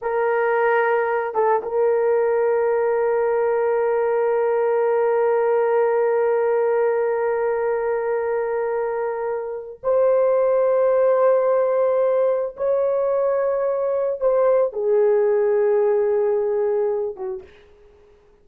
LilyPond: \new Staff \with { instrumentName = "horn" } { \time 4/4 \tempo 4 = 110 ais'2~ ais'8 a'8 ais'4~ | ais'1~ | ais'1~ | ais'1~ |
ais'2 c''2~ | c''2. cis''4~ | cis''2 c''4 gis'4~ | gis'2.~ gis'8 fis'8 | }